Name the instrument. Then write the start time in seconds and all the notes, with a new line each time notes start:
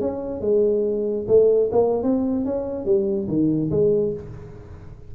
tuba
0.00 C#4
0.41 G#3
1.27 A3
1.71 A#3
2.03 C4
2.45 C#4
2.85 G3
3.28 D#3
3.71 G#3